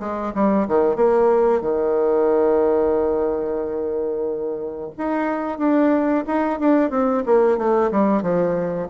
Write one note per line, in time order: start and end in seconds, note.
0.00 0.33 G#3
0.35 0.68 G3
0.68 0.96 D#3
0.96 1.62 A#3
1.62 4.91 D#3
4.98 5.59 D#4
5.59 6.25 D4
6.27 6.60 D#4
6.60 6.91 D4
6.91 7.23 C4
7.26 7.58 A#3
7.58 7.91 A3
7.92 8.22 G3
8.22 8.88 F3